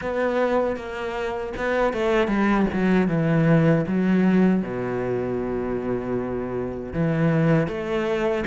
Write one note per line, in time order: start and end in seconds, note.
0.01 0.76 B3
0.76 1.53 A#3
1.56 1.93 B3
1.93 2.27 A3
2.27 2.66 G3
2.73 3.08 F#3
3.08 3.85 E3
3.87 4.62 F#3
4.62 6.93 B2
6.93 7.67 E3
7.67 8.44 A3